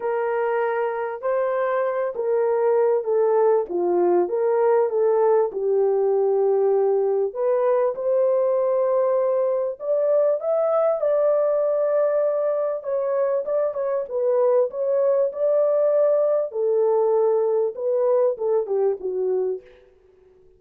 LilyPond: \new Staff \with { instrumentName = "horn" } { \time 4/4 \tempo 4 = 98 ais'2 c''4. ais'8~ | ais'4 a'4 f'4 ais'4 | a'4 g'2. | b'4 c''2. |
d''4 e''4 d''2~ | d''4 cis''4 d''8 cis''8 b'4 | cis''4 d''2 a'4~ | a'4 b'4 a'8 g'8 fis'4 | }